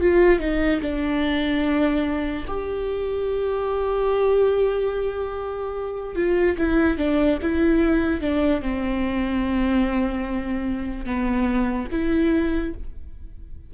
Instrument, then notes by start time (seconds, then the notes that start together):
viola
0.00 F4
0.40 D#4
0.81 D4
2.47 G4
6.16 F4
6.58 E4
6.98 D4
7.42 E4
8.21 D4
8.62 C4
11.05 B3
11.91 E4